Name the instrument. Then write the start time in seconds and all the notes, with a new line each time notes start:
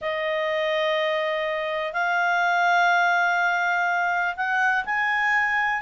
clarinet
0.01 D#5
1.93 F5
4.36 F#5
4.85 G#5